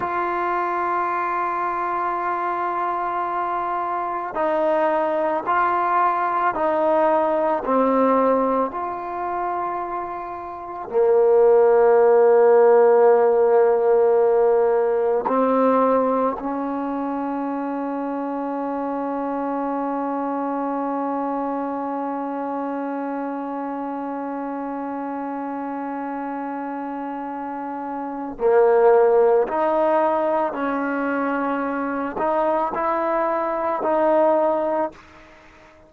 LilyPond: \new Staff \with { instrumentName = "trombone" } { \time 4/4 \tempo 4 = 55 f'1 | dis'4 f'4 dis'4 c'4 | f'2 ais2~ | ais2 c'4 cis'4~ |
cis'1~ | cis'1~ | cis'2 ais4 dis'4 | cis'4. dis'8 e'4 dis'4 | }